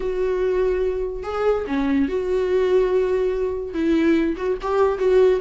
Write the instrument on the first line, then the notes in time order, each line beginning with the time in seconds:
viola
0.00 F#4
1.23 G#4
1.67 C#4
2.08 F#4
3.73 E4
4.36 F#4
4.61 G4
4.98 F#4